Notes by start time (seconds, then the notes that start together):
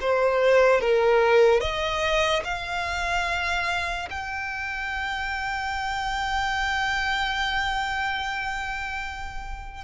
0.00 C5
0.80 A#4
1.60 D#5
2.44 F5
4.09 G5